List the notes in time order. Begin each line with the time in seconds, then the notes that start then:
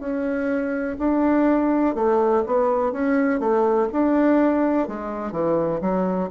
0.00 C#4
0.99 D4
1.95 A3
2.47 B3
2.93 C#4
3.40 A3
3.93 D4
4.88 G#3
5.32 E3
5.82 F#3